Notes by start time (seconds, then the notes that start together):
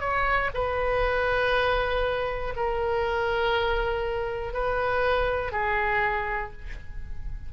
0.00 C#5
0.54 B4
2.56 A#4
4.53 B4
5.52 G#4